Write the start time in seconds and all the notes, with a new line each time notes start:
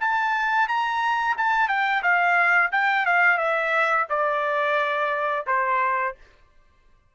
0.00 A5
0.68 A#5
1.37 A5
1.68 G5
2.02 F5
2.72 G5
3.06 F5
3.38 E5
4.09 D5
5.47 C5